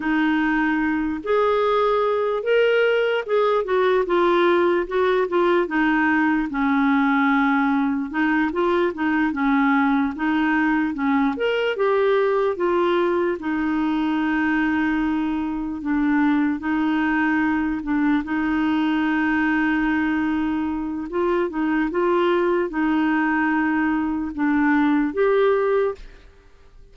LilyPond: \new Staff \with { instrumentName = "clarinet" } { \time 4/4 \tempo 4 = 74 dis'4. gis'4. ais'4 | gis'8 fis'8 f'4 fis'8 f'8 dis'4 | cis'2 dis'8 f'8 dis'8 cis'8~ | cis'8 dis'4 cis'8 ais'8 g'4 f'8~ |
f'8 dis'2. d'8~ | d'8 dis'4. d'8 dis'4.~ | dis'2 f'8 dis'8 f'4 | dis'2 d'4 g'4 | }